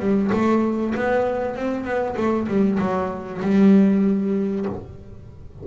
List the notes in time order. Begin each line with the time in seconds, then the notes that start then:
0.00 G3
0.33 A3
0.95 B3
1.56 C4
1.85 B3
2.17 A3
2.48 G3
2.79 F#3
3.42 G3